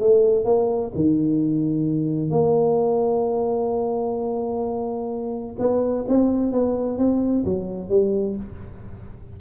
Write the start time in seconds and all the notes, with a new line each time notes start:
0.00 A3
0.45 A#3
0.95 D#3
2.30 A#3
5.59 B3
6.08 C4
6.52 B3
6.98 C4
7.44 F#3
7.89 G3